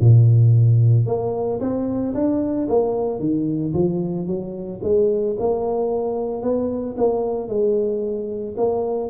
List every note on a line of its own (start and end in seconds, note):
0.00 1.06 A#2
1.06 1.60 A#3
1.60 2.14 C4
2.14 2.68 D4
2.68 3.19 A#3
3.19 3.73 D#3
3.73 4.27 F3
4.27 4.80 F#3
4.83 5.36 G#3
5.39 6.42 A#3
6.42 6.95 B3
6.97 7.48 A#3
7.48 8.55 G#3
8.57 9.09 A#3